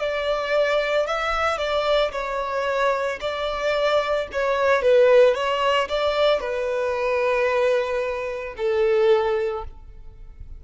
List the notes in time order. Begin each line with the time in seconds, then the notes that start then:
0.00 D5
1.07 E5
1.58 D5
2.12 C#5
3.21 D5
4.32 C#5
4.83 B4
5.35 C#5
5.89 D5
6.40 B4
8.57 A4